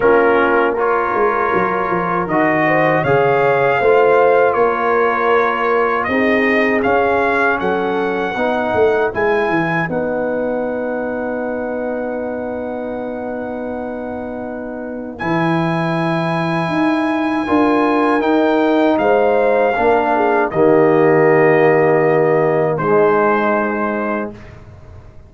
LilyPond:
<<
  \new Staff \with { instrumentName = "trumpet" } { \time 4/4 \tempo 4 = 79 ais'4 cis''2 dis''4 | f''2 cis''2 | dis''4 f''4 fis''2 | gis''4 fis''2.~ |
fis''1 | gis''1 | g''4 f''2 dis''4~ | dis''2 c''2 | }
  \new Staff \with { instrumentName = "horn" } { \time 4/4 f'4 ais'2~ ais'8 c''8 | cis''4 c''4 ais'2 | gis'2 a'4 b'4~ | b'1~ |
b'1~ | b'2. ais'4~ | ais'4 c''4 ais'8 gis'8 g'4~ | g'2 dis'2 | }
  \new Staff \with { instrumentName = "trombone" } { \time 4/4 cis'4 f'2 fis'4 | gis'4 f'2. | dis'4 cis'2 dis'4 | e'4 dis'2.~ |
dis'1 | e'2. f'4 | dis'2 d'4 ais4~ | ais2 gis2 | }
  \new Staff \with { instrumentName = "tuba" } { \time 4/4 ais4. gis8 fis8 f8 dis4 | cis4 a4 ais2 | c'4 cis'4 fis4 b8 a8 | gis8 e8 b2.~ |
b1 | e2 dis'4 d'4 | dis'4 gis4 ais4 dis4~ | dis2 gis2 | }
>>